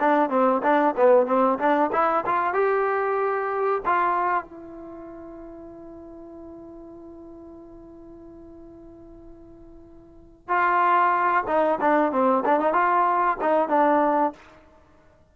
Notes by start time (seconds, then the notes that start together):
0.00 D4
0.29 C4
0.63 D4
0.96 B3
1.26 C4
1.58 D4
1.92 E4
2.26 F4
2.54 G4
3.86 F4
4.44 E4
10.48 F4
11.47 D#4
11.81 D4
12.12 C4
12.45 D4
12.59 D#4
12.73 F4
13.41 D#4
13.69 D4